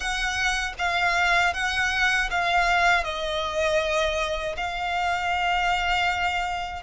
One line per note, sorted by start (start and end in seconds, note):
0.00 0.73 F#5
0.78 1.53 F5
1.53 2.29 F#5
2.30 3.03 F5
3.03 4.55 D#5
4.56 6.82 F5